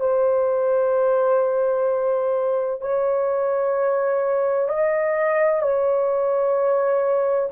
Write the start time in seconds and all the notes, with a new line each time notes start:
0.00 C5
2.81 C#5
4.69 D#5
5.62 C#5